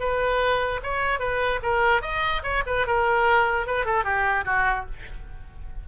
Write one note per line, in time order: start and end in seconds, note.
0.00 0.81 B4
0.83 1.20 C#5
1.20 1.60 B4
1.63 2.02 A#4
2.02 2.43 D#5
2.43 2.64 C#5
2.67 2.87 B4
2.87 3.67 A#4
3.67 3.86 B4
3.86 4.04 A4
4.04 4.45 G4
4.45 4.86 F#4